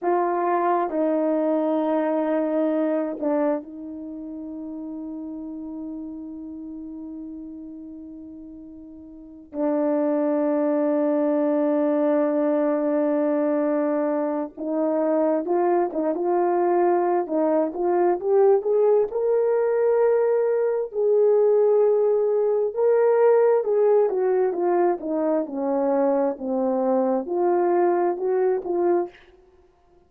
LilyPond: \new Staff \with { instrumentName = "horn" } { \time 4/4 \tempo 4 = 66 f'4 dis'2~ dis'8 d'8 | dis'1~ | dis'2~ dis'8 d'4.~ | d'1 |
dis'4 f'8 dis'16 f'4~ f'16 dis'8 f'8 | g'8 gis'8 ais'2 gis'4~ | gis'4 ais'4 gis'8 fis'8 f'8 dis'8 | cis'4 c'4 f'4 fis'8 f'8 | }